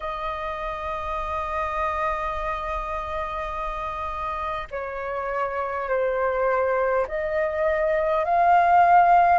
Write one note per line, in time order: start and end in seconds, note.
0.00 4.67 D#5
4.71 5.88 C#5
5.88 7.06 C5
7.07 8.25 D#5
8.25 9.39 F5